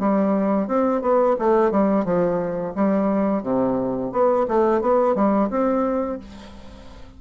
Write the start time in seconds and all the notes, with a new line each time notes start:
0.00 G3
0.68 C4
1.02 B3
1.39 A3
1.71 G3
2.05 F3
2.76 G3
3.43 C3
4.13 B3
4.48 A3
4.82 B3
5.16 G3
5.50 C4